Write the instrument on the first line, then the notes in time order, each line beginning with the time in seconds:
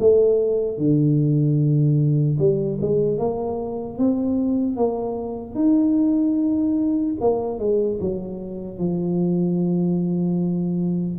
tuba
0.00 A3
0.78 D3
2.39 G3
2.82 G#3
3.19 A#3
3.99 C4
4.77 A#3
5.55 D#4
7.21 A#3
7.59 G#3
8.01 F#3
8.79 F3